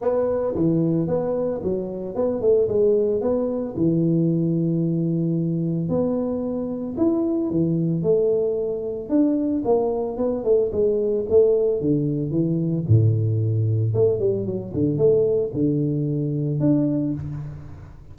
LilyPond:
\new Staff \with { instrumentName = "tuba" } { \time 4/4 \tempo 4 = 112 b4 e4 b4 fis4 | b8 a8 gis4 b4 e4~ | e2. b4~ | b4 e'4 e4 a4~ |
a4 d'4 ais4 b8 a8 | gis4 a4 d4 e4 | a,2 a8 g8 fis8 d8 | a4 d2 d'4 | }